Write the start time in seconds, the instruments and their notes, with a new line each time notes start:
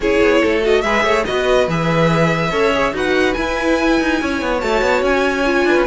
0.00 cello C#4, viola E4, violin G#4 C#5
0.21 cello B3
0.41 cello A3, violin A4
0.61 viola F#4, violin D#5
0.81 cello G#3, viola G#4, violin B4 E5
1.03 cello A3, violin C#5
1.25 cello B3, viola F#4, violin B4 D#5
1.67 cello E3, viola G#4, violin E5
2.51 cello C#4, viola A4, violin C#5
2.73 viola G#4
2.92 cello D#4, viola F#4, violin B4 F#5
3.33 viola E4, cello E4, violin G#5
4.00 cello D#4
4.21 cello C#4, violin C#5
4.41 cello B3
4.59 cello A3, viola F#4, violin A5
4.81 cello B3
5.02 cello C#4, violin G#5
5.45 viola F4
5.65 cello D4, violin B4
5.75 cello C#4